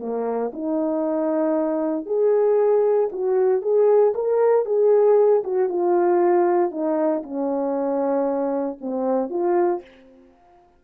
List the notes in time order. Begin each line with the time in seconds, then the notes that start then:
0.00 A#3
0.53 D#4
2.06 G#4
3.13 F#4
3.62 G#4
4.15 A#4
4.66 G#4
5.45 F#4
5.69 F4
6.71 D#4
7.23 C#4
8.82 C4
9.30 F4